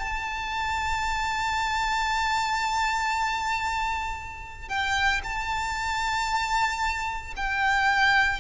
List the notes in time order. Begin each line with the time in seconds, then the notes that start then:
0.00 A5
4.69 G5
5.24 A5
7.37 G5